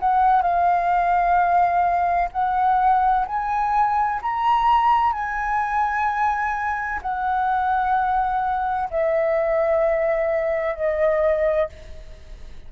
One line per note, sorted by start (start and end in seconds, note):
0.00 0.42 F#5
0.42 2.30 F5
2.32 3.26 F#5
3.27 4.21 G#5
4.22 5.13 A#5
5.13 7.01 G#5
7.02 8.89 F#5
8.91 10.76 E5
10.76 11.69 D#5